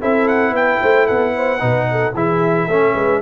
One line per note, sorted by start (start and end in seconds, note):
0.00 0.51 C4
0.00 1.59 E4
0.00 0.54 A4
0.00 0.28 E5
0.28 0.54 F#5
0.51 0.78 B3
0.51 0.81 B4
0.51 1.06 G5
0.81 1.09 A3
0.81 1.06 C5
1.06 1.61 B3
1.06 1.33 A4
1.06 2.14 F#5
1.36 1.60 C5
1.59 2.14 B2
1.59 2.12 D#4
1.59 1.86 B4
1.91 2.14 A4
2.14 2.67 E3
2.14 2.69 E4
2.14 2.67 G#4
2.14 3.22 E5
2.67 2.94 A3
2.67 3.22 C#4
2.67 2.94 A4
2.94 3.21 G#3
2.94 3.20 B4